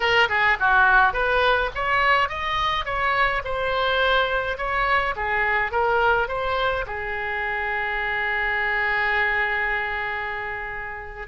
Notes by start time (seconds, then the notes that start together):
0.00 A#4
0.29 G#4
0.59 F#4
1.13 B4
1.74 C#5
2.28 D#5
2.85 C#5
3.44 C5
4.57 C#5
5.16 G#4
5.71 A#4
6.28 C5
6.86 G#4